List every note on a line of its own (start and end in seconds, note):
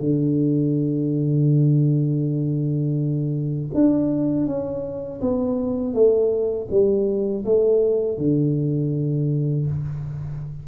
0.00 3.70 D3
3.74 4.47 D4
4.47 5.21 C#4
5.21 5.94 B3
5.94 6.68 A3
6.71 7.45 G3
7.45 8.18 A3
8.18 9.66 D3